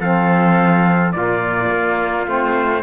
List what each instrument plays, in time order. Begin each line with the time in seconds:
0.00 cello F3, saxophone C4, trumpet A4 F5
1.12 cello A#2, saxophone A#3, trumpet F4 D5
1.71 cello A#3
2.26 cello A3, saxophone C4, trumpet C5